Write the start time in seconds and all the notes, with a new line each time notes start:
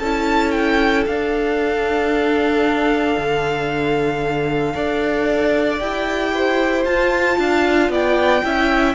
0.00 C#4 E4 A4 A5
0.52 G5
1.06 D4 F5
3.18 D3
4.74 D4 A4 D5
5.79 E4 G4 G5
6.34 C5
6.85 F4 A5
7.39 D4 F5
7.89 B3 D5 G5
8.44 C#4 E4 E5